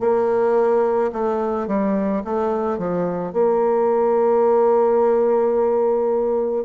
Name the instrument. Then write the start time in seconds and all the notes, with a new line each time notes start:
bassoon
0.00 A#3
1.12 A3
1.67 G3
2.25 A3
2.78 F3
3.33 A#3